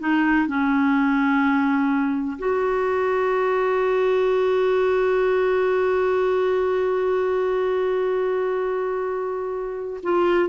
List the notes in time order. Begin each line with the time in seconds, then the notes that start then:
0.00 D#4
0.48 C#4
2.39 F#4
10.03 F4